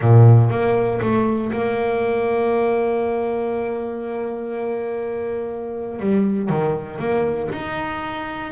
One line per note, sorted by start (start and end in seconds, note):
0.01 0.50 A#2
0.50 1.00 A#3
1.01 1.51 A3
1.52 5.99 A#3
5.99 6.49 G3
6.49 6.99 D#3
6.99 7.49 A#3
7.52 8.52 D#4